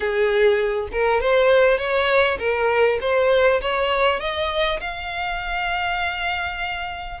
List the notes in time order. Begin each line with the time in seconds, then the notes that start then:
0.00 G#4
0.92 A#4
1.20 C5
1.78 C#5
2.38 A#4
3.01 C5
3.61 C#5
4.20 D#5
4.80 F5